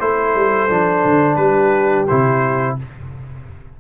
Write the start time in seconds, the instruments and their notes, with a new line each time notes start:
0.00 tuba A3, trombone E4, horn A4, trumpet C5
0.35 tuba G3
0.69 tuba F3, trombone D4
1.05 tuba D3
1.36 tuba G3, horn G4, trumpet B4
2.07 tuba C3, trombone E4, trumpet C5